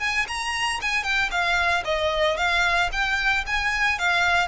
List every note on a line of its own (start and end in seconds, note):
0.00 0.26 G#5
0.28 0.80 A#5
0.82 1.04 G#5
1.04 1.30 G5
1.31 1.84 F5
1.84 2.37 D#5
2.37 2.90 F5
2.92 3.45 G5
3.47 3.99 G#5
3.99 4.48 F5